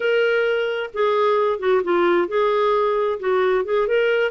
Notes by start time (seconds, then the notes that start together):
0.00 A#4
0.93 G#4
1.59 F#4
1.83 F4
2.28 G#4
3.19 F#4
3.65 G#4
3.87 A#4